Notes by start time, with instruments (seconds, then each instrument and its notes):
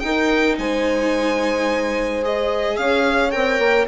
0.00 viola D#4, bassoon D#4, horn A#4, violin G5
0.58 bassoon G#3, horn C5, violin G#5
2.22 viola G#4, violin D#5
2.77 bassoon C#4, horn C#5, violin F5
3.31 bassoon C4, viola A#4, violin G5
3.59 bassoon A#3